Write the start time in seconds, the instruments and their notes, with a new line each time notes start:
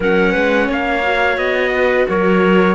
0.00 cello F#3, viola C#4, clarinet A#4, trumpet F#5
0.32 cello G#3, clarinet B4
0.68 cello A#3, clarinet C#5, trumpet F5
1.02 viola F#4
1.37 cello B3, trumpet D#5
1.72 clarinet B4
2.08 cello F#3, clarinet A#4, trumpet C#5